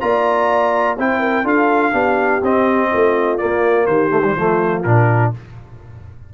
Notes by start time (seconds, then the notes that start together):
0.00 A#3 F4 D5 A#5
0.97 C4 E4 C5 G5
1.19 A#4
1.43 D4 F4 A4 F5
1.91 B3 D4 G4
2.42 C4 D#5
2.91 A3 F4
3.37 A#3 D5
3.43 A#3
3.85 D#3 G4 C5
4.09 A3
4.24 G3
4.36 F3 A3 F4
4.83 A#2 D4 A#4